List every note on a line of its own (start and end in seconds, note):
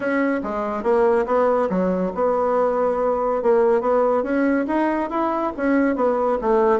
0.00 0.40 C#4
0.43 0.83 G#3
0.83 1.25 A#3
1.26 1.68 B3
1.69 2.12 F#3
2.14 3.42 B3
3.42 3.80 A#3
3.80 4.23 B3
4.23 4.65 C#4
4.67 5.09 D#4
5.09 5.52 E4
5.56 5.95 C#4
5.95 6.38 B3
6.41 6.79 A3